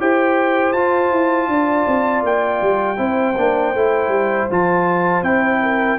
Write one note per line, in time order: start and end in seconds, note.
0.00 0.74 E4
0.00 0.75 G4
0.00 1.50 C5
0.00 0.73 G5
0.73 1.11 F4
0.73 2.97 F4
0.73 2.23 A5
1.11 1.48 E4
1.48 1.86 D4
1.48 2.98 D5
1.88 2.23 C4
2.23 2.60 A#3
2.23 4.51 G5
2.62 2.99 G3
2.97 3.36 C4
2.97 3.34 E4
2.97 5.61 C5
3.38 3.75 A#3
3.38 3.75 D4
3.75 4.09 A3
3.75 4.51 E4
4.09 4.46 G3
4.51 5.23 F3
4.51 5.24 F4
4.51 5.24 A5
5.23 5.98 C4
5.23 5.99 E4
5.23 5.99 G5
5.63 5.99 A#4